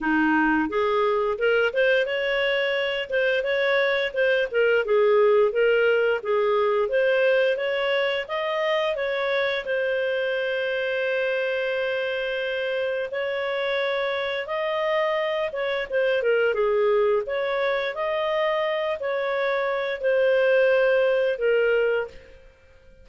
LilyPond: \new Staff \with { instrumentName = "clarinet" } { \time 4/4 \tempo 4 = 87 dis'4 gis'4 ais'8 c''8 cis''4~ | cis''8 c''8 cis''4 c''8 ais'8 gis'4 | ais'4 gis'4 c''4 cis''4 | dis''4 cis''4 c''2~ |
c''2. cis''4~ | cis''4 dis''4. cis''8 c''8 ais'8 | gis'4 cis''4 dis''4. cis''8~ | cis''4 c''2 ais'4 | }